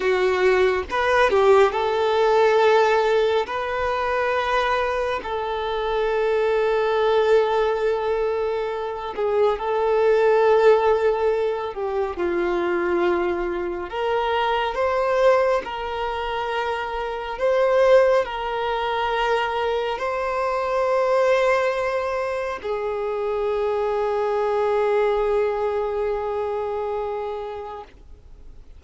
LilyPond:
\new Staff \with { instrumentName = "violin" } { \time 4/4 \tempo 4 = 69 fis'4 b'8 g'8 a'2 | b'2 a'2~ | a'2~ a'8 gis'8 a'4~ | a'4. g'8 f'2 |
ais'4 c''4 ais'2 | c''4 ais'2 c''4~ | c''2 gis'2~ | gis'1 | }